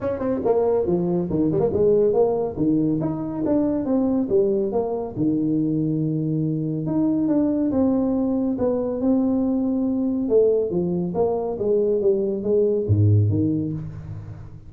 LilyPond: \new Staff \with { instrumentName = "tuba" } { \time 4/4 \tempo 4 = 140 cis'8 c'8 ais4 f4 dis8 g16 ais16 | gis4 ais4 dis4 dis'4 | d'4 c'4 g4 ais4 | dis1 |
dis'4 d'4 c'2 | b4 c'2. | a4 f4 ais4 gis4 | g4 gis4 gis,4 dis4 | }